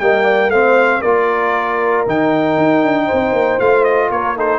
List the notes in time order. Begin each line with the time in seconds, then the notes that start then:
0.00 G3 A#3 D#5 G5
0.25 D5
0.49 A3 C4 C5 F5
1.01 A#3 F4 A#4 D5
2.07 D#3 D#4 G5
2.58 D#4
2.83 D4
3.06 C5
3.13 C4
3.33 A#3
3.60 A3 F4 F5
3.84 D#5
4.11 A#3 A#4 C#5
4.37 D#4 A4 C5